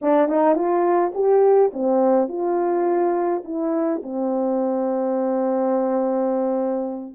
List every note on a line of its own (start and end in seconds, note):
0.01 0.28 D4
0.28 0.55 D#4
0.55 1.12 F4
1.14 1.71 G4
1.73 2.28 C4
2.28 3.42 F4
3.44 4.01 E4
4.02 7.14 C4